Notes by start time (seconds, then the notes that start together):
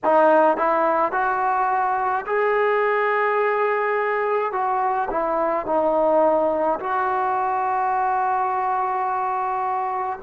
0.04 D#4
0.57 E4
1.12 F#4
2.26 G#4
4.52 F#4
5.10 E4
5.66 D#4
6.79 F#4